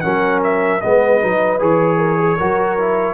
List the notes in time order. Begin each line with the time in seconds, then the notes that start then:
0.00 F#3 C#4 A#4 F#5
0.43 E5
0.81 G#3 B3 B4 D#5
1.21 F#3 D#4
1.59 E3 G#4 C#5
1.98 A#4
2.19 G#4
2.37 F#3 F#4 A#4
2.78 E4